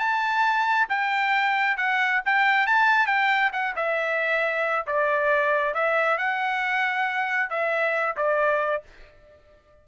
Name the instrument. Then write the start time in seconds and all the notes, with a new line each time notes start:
trumpet
0.00 A5
0.89 G5
1.78 F#5
2.26 G5
2.67 A5
3.07 G5
3.53 F#5
3.76 E5
4.87 D5
5.75 E5
6.18 F#5
7.50 E5
8.17 D5